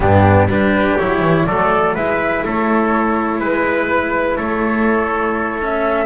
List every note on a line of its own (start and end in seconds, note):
0.00 0.46 G2
0.00 0.49 B3
0.00 0.50 D4
0.00 0.48 G4
0.46 0.95 G3
0.46 0.98 D4
0.46 1.46 G4
0.46 0.97 B4
0.97 1.20 F#3
0.97 1.47 E4
0.97 1.45 C#5
1.20 1.44 E3
1.45 1.94 F#3
1.45 1.97 A3
1.45 1.94 A4
1.45 1.94 D5
1.94 2.44 G#3
1.94 5.61 E4
1.94 2.43 B4
1.94 2.44 E5
2.44 3.40 A3
2.44 3.39 A4
2.44 3.42 C#5
3.39 4.37 G#3
3.39 4.36 B4
3.39 4.37 B4
4.36 6.05 A3
4.36 6.05 A4
4.36 5.59 C#5
5.61 6.05 C#4
5.61 6.05 E5